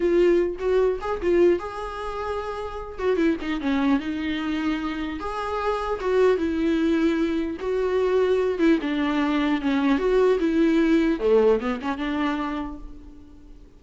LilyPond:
\new Staff \with { instrumentName = "viola" } { \time 4/4 \tempo 4 = 150 f'4. fis'4 gis'8 f'4 | gis'2.~ gis'8 fis'8 | e'8 dis'8 cis'4 dis'2~ | dis'4 gis'2 fis'4 |
e'2. fis'4~ | fis'4. e'8 d'2 | cis'4 fis'4 e'2 | a4 b8 cis'8 d'2 | }